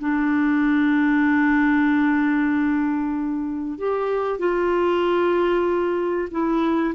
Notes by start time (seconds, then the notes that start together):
0.00 D4
3.78 G4
4.40 F4
6.31 E4